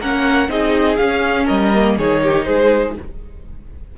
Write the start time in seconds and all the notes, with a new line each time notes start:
0.00 A#3 C#4 A#4 F#5
0.49 C4 D#4 G#4 D#5
0.97 C#4 F5
1.45 G3 A#4 D#5
1.75 A#3
1.98 D#3 D#4 G#4 C#5
2.23 G4
2.45 G#3 G#4 C5